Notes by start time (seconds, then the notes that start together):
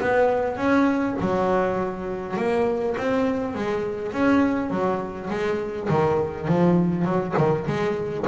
0.00 B3
0.57 C#4
1.20 F#3
2.36 A#3
2.97 C4
3.55 G#3
4.12 C#4
4.70 F#3
5.29 G#3
5.89 D#3
6.47 F3
7.05 F#3
7.37 D#3
7.67 G#3